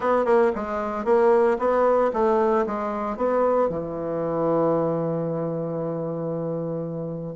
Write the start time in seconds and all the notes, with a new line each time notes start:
0.00 B3
0.25 A#3
0.55 G#3
1.04 A#3
1.58 B3
2.13 A3
2.66 G#3
3.17 B3
3.69 E3